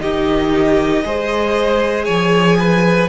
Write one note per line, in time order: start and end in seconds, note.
0.00 1.04 D#3
0.00 1.03 D#4
0.00 1.05 G4
0.00 2.05 D#5
1.05 2.08 G#3
1.05 3.09 G#4
1.05 2.05 C5
2.05 3.09 F3
2.05 2.57 C#5
2.05 3.08 G#5
2.59 3.09 B4